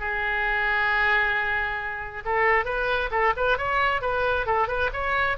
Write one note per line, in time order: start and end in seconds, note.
0.00 2.24 G#4
2.26 2.65 A4
2.65 3.10 B4
3.11 3.34 A4
3.37 3.58 B4
3.58 4.02 C#5
4.02 4.47 B4
4.47 4.68 A4
4.68 4.91 B4
4.93 5.38 C#5